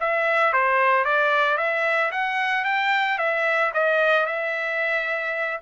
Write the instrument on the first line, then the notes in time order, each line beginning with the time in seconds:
trumpet
0.00 E5
0.53 C5
1.04 D5
1.57 E5
2.11 F#5
2.65 G5
3.18 E5
3.74 D#5
4.26 E5